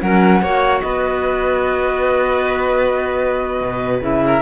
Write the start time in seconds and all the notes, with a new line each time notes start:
0.00 F#3 C#4 A#4 F#5
0.41 A#3 F#4 C#5
0.80 B3 B4 D#5
3.60 B2
4.01 C#3 E4 E5
4.25 A#4